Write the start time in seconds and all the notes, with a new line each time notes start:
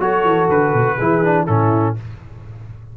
0.00 F#3 F#4 A4 C#5
0.24 E3
0.49 D3 B4
0.74 B2
0.97 E3 E4 G#4
1.24 D4
1.47 A2 C#4 E4 A4